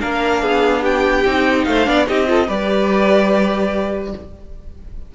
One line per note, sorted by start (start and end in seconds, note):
0.00 0.42 A#3
0.00 1.24 D4
0.00 0.42 A#4
0.00 0.83 F5
0.42 1.25 B3
0.42 0.81 G#4
0.81 1.64 G4
0.81 1.64 G5
1.25 1.66 C4
1.25 1.85 D#4
1.64 1.87 A3
1.64 1.88 C5
1.64 2.05 F5
1.85 2.07 B3
1.85 2.06 D4
1.85 2.07 D5
2.06 2.48 C4
2.06 2.26 D#4
2.06 2.28 G4
2.06 2.49 D#5
2.26 2.47 F4
2.26 2.47 A4
2.47 4.14 G3
2.47 4.14 G4
2.47 4.12 B4
2.47 4.14 D5